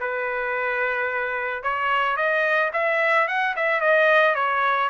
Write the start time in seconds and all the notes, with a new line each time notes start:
0.00 B4
1.63 C#5
2.16 D#5
2.73 E5
3.28 F#5
3.56 E5
3.80 D#5
4.35 C#5